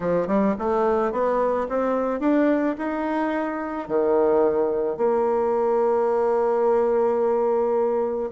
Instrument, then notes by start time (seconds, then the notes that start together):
bassoon
0.00 F3
0.27 G3
0.58 A3
1.12 B3
1.68 C4
2.20 D4
2.78 D#4
3.88 D#3
4.97 A#3